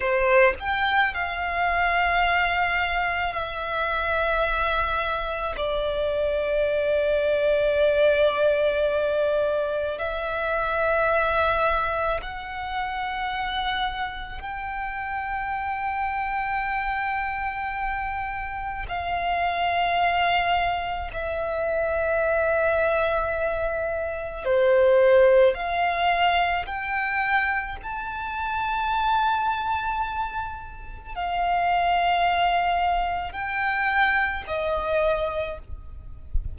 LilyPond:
\new Staff \with { instrumentName = "violin" } { \time 4/4 \tempo 4 = 54 c''8 g''8 f''2 e''4~ | e''4 d''2.~ | d''4 e''2 fis''4~ | fis''4 g''2.~ |
g''4 f''2 e''4~ | e''2 c''4 f''4 | g''4 a''2. | f''2 g''4 dis''4 | }